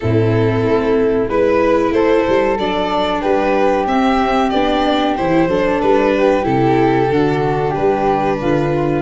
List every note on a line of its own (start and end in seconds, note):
0.00 0.64 A2
0.00 1.29 C4
0.00 1.28 E4
0.00 1.28 A4
0.64 1.28 A3
1.28 1.90 G#3
1.28 2.58 E4
1.28 1.93 B4
1.90 2.23 A3
1.90 3.21 A4
1.90 2.57 C5
2.28 2.58 G3
2.58 3.23 F#3
2.58 3.88 D4
2.58 3.21 D5
3.21 3.85 G3
3.21 5.47 G4
3.21 3.85 B4
3.85 4.50 C4
3.85 4.54 C4
3.85 4.49 E5
4.49 5.18 B3
4.49 5.18 D4
4.49 5.14 D5
5.16 5.47 E3
5.16 5.49 E4
5.16 5.80 C5
5.47 5.79 F#3
5.47 6.43 D4
5.47 6.13 A4
5.80 6.46 G3
5.80 6.44 B4
6.16 7.12 G4
6.43 7.09 C3
6.43 7.07 E4
6.43 7.73 A4
7.09 7.73 D3
7.09 9.02 D4
7.09 7.70 F#4
7.70 8.35 G4
7.70 9.02 B4
7.76 8.41 G3
8.40 9.02 D3
8.40 9.02 F4